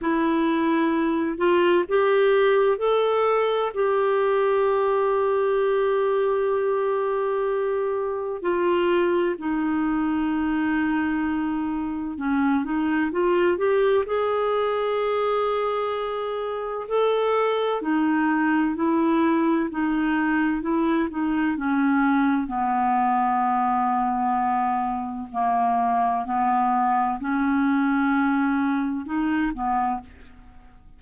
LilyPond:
\new Staff \with { instrumentName = "clarinet" } { \time 4/4 \tempo 4 = 64 e'4. f'8 g'4 a'4 | g'1~ | g'4 f'4 dis'2~ | dis'4 cis'8 dis'8 f'8 g'8 gis'4~ |
gis'2 a'4 dis'4 | e'4 dis'4 e'8 dis'8 cis'4 | b2. ais4 | b4 cis'2 dis'8 b8 | }